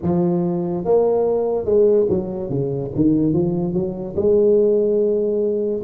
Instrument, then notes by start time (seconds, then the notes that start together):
tuba
0.02 F3
0.84 A#3
1.65 G#3
2.09 F#3
2.49 C#3
2.95 D#3
3.33 F3
3.73 F#3
4.16 G#3